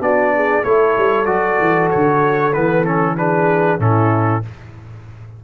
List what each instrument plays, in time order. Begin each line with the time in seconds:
0.00 tuba B3, trombone D4, horn F#4, trumpet D5
0.35 horn G#4
0.64 tuba A3, trombone E4, horn A4, trumpet C#5
0.97 tuba G3
1.26 tuba F#3, trombone F#4, trumpet D5
1.60 tuba E3
1.90 tuba D3, trumpet C#5
2.53 tuba E3, trombone B3, trumpet B4
2.85 trombone C#4, trumpet A4
3.16 trombone D4, horn G#4, trumpet B4
3.79 tuba A2, trombone C#4, horn E4, trumpet A4